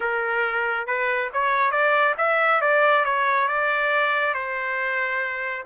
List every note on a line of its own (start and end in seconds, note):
0.00 0.86 A#4
0.86 1.30 B4
1.33 1.71 C#5
1.71 2.14 D5
2.17 2.61 E5
2.61 3.04 D5
3.04 3.47 C#5
3.47 4.34 D5
4.34 5.64 C5